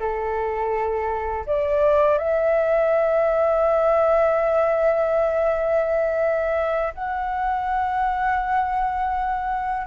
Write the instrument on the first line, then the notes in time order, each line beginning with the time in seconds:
flute
0.00 A4
1.47 D5
2.19 E5
6.95 F#5